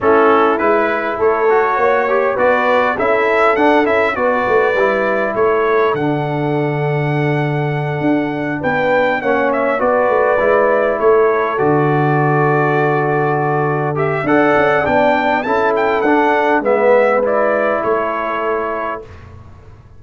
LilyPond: <<
  \new Staff \with { instrumentName = "trumpet" } { \time 4/4 \tempo 4 = 101 a'4 b'4 cis''2 | d''4 e''4 fis''8 e''8 d''4~ | d''4 cis''4 fis''2~ | fis''2~ fis''8 g''4 fis''8 |
e''8 d''2 cis''4 d''8~ | d''2.~ d''8 e''8 | fis''4 g''4 a''8 g''8 fis''4 | e''4 d''4 cis''2 | }
  \new Staff \with { instrumentName = "horn" } { \time 4/4 e'2 a'4 cis''4 | b'4 a'2 b'4~ | b'4 a'2.~ | a'2~ a'8 b'4 cis''8~ |
cis''8 b'2 a'4.~ | a'1 | d''2 a'2 | b'2 a'2 | }
  \new Staff \with { instrumentName = "trombone" } { \time 4/4 cis'4 e'4. fis'4 g'8 | fis'4 e'4 d'8 e'8 fis'4 | e'2 d'2~ | d'2.~ d'8 cis'8~ |
cis'8 fis'4 e'2 fis'8~ | fis'2.~ fis'8 g'8 | a'4 d'4 e'4 d'4 | b4 e'2. | }
  \new Staff \with { instrumentName = "tuba" } { \time 4/4 a4 gis4 a4 ais4 | b4 cis'4 d'8 cis'8 b8 a8 | g4 a4 d2~ | d4. d'4 b4 ais8~ |
ais8 b8 a8 gis4 a4 d8~ | d1 | d'8 cis'8 b4 cis'4 d'4 | gis2 a2 | }
>>